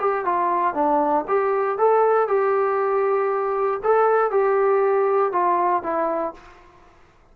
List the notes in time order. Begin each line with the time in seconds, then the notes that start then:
0.00 G4
0.25 F4
0.74 D4
1.28 G4
1.78 A4
2.28 G4
3.83 A4
4.31 G4
5.33 F4
5.83 E4